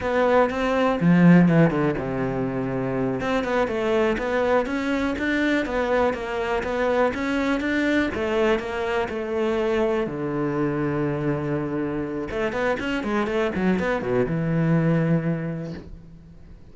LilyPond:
\new Staff \with { instrumentName = "cello" } { \time 4/4 \tempo 4 = 122 b4 c'4 f4 e8 d8 | c2~ c8 c'8 b8 a8~ | a8 b4 cis'4 d'4 b8~ | b8 ais4 b4 cis'4 d'8~ |
d'8 a4 ais4 a4.~ | a8 d2.~ d8~ | d4 a8 b8 cis'8 gis8 a8 fis8 | b8 b,8 e2. | }